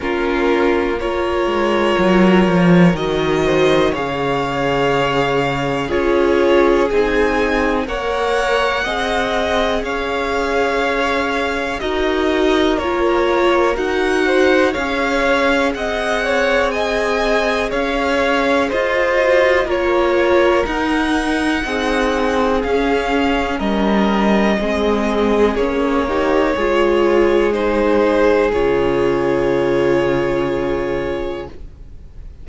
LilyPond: <<
  \new Staff \with { instrumentName = "violin" } { \time 4/4 \tempo 4 = 61 ais'4 cis''2 dis''4 | f''2 cis''4 gis''4 | fis''2 f''2 | dis''4 cis''4 fis''4 f''4 |
fis''4 gis''4 f''4 dis''4 | cis''4 fis''2 f''4 | dis''2 cis''2 | c''4 cis''2. | }
  \new Staff \with { instrumentName = "violin" } { \time 4/4 f'4 ais'2~ ais'8 c''8 | cis''2 gis'2 | cis''4 dis''4 cis''2 | ais'2~ ais'8 c''8 cis''4 |
dis''8 cis''8 dis''4 cis''4 c''4 | ais'2 gis'2 | ais'4 gis'4. g'8 gis'4~ | gis'1 | }
  \new Staff \with { instrumentName = "viola" } { \time 4/4 cis'4 f'2 fis'4 | gis'2 f'4 dis'4 | ais'4 gis'2. | fis'4 f'4 fis'4 gis'4~ |
gis'2.~ gis'8 fis'8 | f'4 dis'2 cis'4~ | cis'4 c'4 cis'8 dis'8 f'4 | dis'4 f'2. | }
  \new Staff \with { instrumentName = "cello" } { \time 4/4 ais4. gis8 fis8 f8 dis4 | cis2 cis'4 c'4 | ais4 c'4 cis'2 | dis'4 ais4 dis'4 cis'4 |
c'2 cis'4 f'4 | ais4 dis'4 c'4 cis'4 | g4 gis4 ais4 gis4~ | gis4 cis2. | }
>>